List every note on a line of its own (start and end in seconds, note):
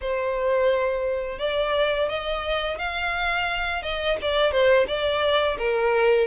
0.01 1.39 C5
1.39 2.08 D5
2.08 2.78 D#5
2.78 3.82 F5
3.82 4.17 D#5
4.21 4.51 D5
4.51 4.86 C5
4.87 5.57 D5
5.58 6.27 A#4